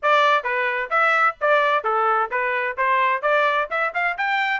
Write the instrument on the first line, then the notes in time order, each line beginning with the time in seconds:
trumpet
0.02 D5
0.43 B4
0.90 E5
1.41 D5
1.84 A4
2.30 B4
2.77 C5
3.22 D5
3.70 E5
3.94 F5
4.17 G5